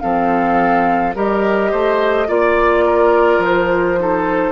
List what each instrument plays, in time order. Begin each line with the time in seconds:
0.00 bassoon F3, clarinet C4, oboe A4, flute F5
1.14 bassoon G3, clarinet G4, oboe A#4, flute D#5
1.71 bassoon A3, oboe C5
2.27 bassoon A#3, clarinet F4, oboe D5, flute D5
2.85 oboe A#4
3.38 bassoon F3
3.44 flute C5
3.97 clarinet D#4, oboe A4